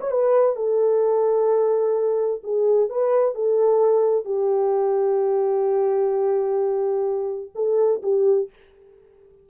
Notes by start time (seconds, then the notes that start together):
0.00 C#5
0.11 B4
0.55 A4
2.43 G#4
2.89 B4
3.34 A4
4.25 G4
7.55 A4
8.02 G4